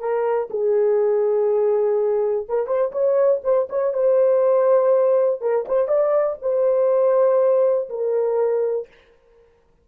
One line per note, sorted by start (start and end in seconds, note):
0.00 0.49 A#4
0.51 2.47 G#4
2.49 2.67 A#4
2.67 2.92 C5
2.92 3.42 C#5
3.44 3.69 C5
3.70 3.94 C#5
3.94 5.41 C5
5.41 5.66 A#4
5.69 5.88 C5
5.88 6.38 D5
6.42 7.90 C5
7.90 8.88 A#4